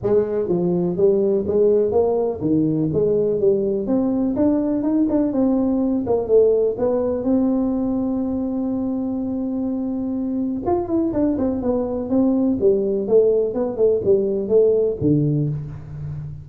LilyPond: \new Staff \with { instrumentName = "tuba" } { \time 4/4 \tempo 4 = 124 gis4 f4 g4 gis4 | ais4 dis4 gis4 g4 | c'4 d'4 dis'8 d'8 c'4~ | c'8 ais8 a4 b4 c'4~ |
c'1~ | c'2 f'8 e'8 d'8 c'8 | b4 c'4 g4 a4 | b8 a8 g4 a4 d4 | }